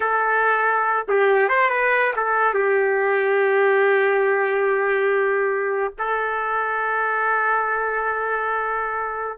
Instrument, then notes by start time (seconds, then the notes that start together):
trumpet
0.00 A4
1.08 G4
1.48 C5
1.70 B4
2.15 A4
2.54 G4
5.98 A4